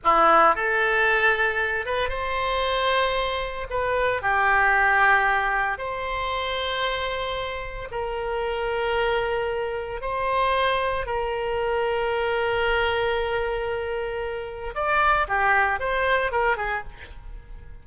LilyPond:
\new Staff \with { instrumentName = "oboe" } { \time 4/4 \tempo 4 = 114 e'4 a'2~ a'8 b'8 | c''2. b'4 | g'2. c''4~ | c''2. ais'4~ |
ais'2. c''4~ | c''4 ais'2.~ | ais'1 | d''4 g'4 c''4 ais'8 gis'8 | }